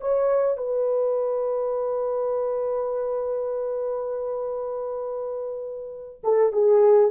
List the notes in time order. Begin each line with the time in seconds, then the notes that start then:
0.00 C#5
0.57 B4
6.23 A4
6.52 G#4